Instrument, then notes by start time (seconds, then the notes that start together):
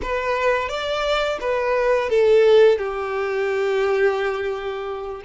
violin
0.02 B4
0.68 D5
1.40 B4
2.09 A4
2.78 G4